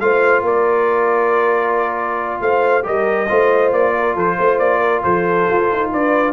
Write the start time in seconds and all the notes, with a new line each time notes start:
0.00 A3 F4 C5 F5
0.42 A#3 A#4 D5
2.41 A3 C5 F5
2.83 G3 G4 A#4 D#5
3.29 A3 F4 C5
3.72 A#3 D5
3.96 A#4
4.15 F3 A4 C5
4.39 A3 C5
4.59 A#3 D5
4.80 A#4
5.03 F3 A4 C5
5.50 F4
5.72 D#4
5.92 D4 B4 D5